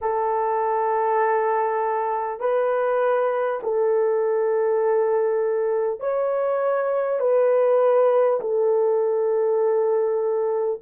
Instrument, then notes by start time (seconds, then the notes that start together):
horn
0.01 A4
2.40 B4
3.62 A4
5.99 C#5
7.20 B4
8.40 A4